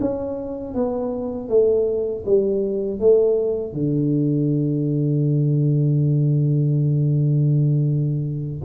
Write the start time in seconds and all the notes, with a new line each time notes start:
0.00 C#4
0.74 B3
1.49 A3
2.25 G3
2.99 A3
3.73 D3